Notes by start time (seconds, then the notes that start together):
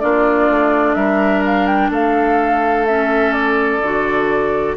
0.00 A#3 D4 F4 D5
0.50 A3
0.95 G3 A#4 E5
1.46 F5
1.67 G5
1.90 A3 A4 F5
2.86 C#4 E5
3.33 D5
3.81 D3 F#4